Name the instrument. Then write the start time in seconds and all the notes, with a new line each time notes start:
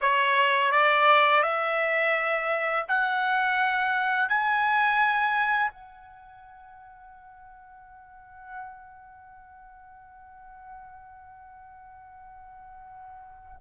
trumpet
0.01 C#5
0.71 D5
1.43 E5
2.87 F#5
4.28 G#5
5.70 F#5